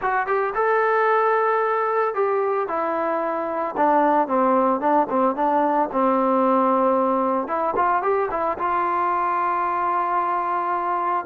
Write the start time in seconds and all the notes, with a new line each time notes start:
0.01 F#4
0.26 G4
0.54 A4
2.14 G4
2.68 E4
3.76 D4
4.27 C4
4.80 D4
5.09 C4
5.35 D4
5.91 C4
7.47 E4
7.76 F4
8.02 G4
8.30 E4
8.58 F4